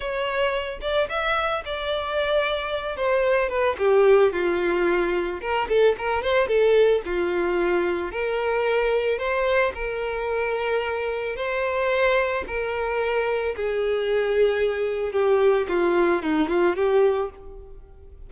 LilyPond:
\new Staff \with { instrumentName = "violin" } { \time 4/4 \tempo 4 = 111 cis''4. d''8 e''4 d''4~ | d''4. c''4 b'8 g'4 | f'2 ais'8 a'8 ais'8 c''8 | a'4 f'2 ais'4~ |
ais'4 c''4 ais'2~ | ais'4 c''2 ais'4~ | ais'4 gis'2. | g'4 f'4 dis'8 f'8 g'4 | }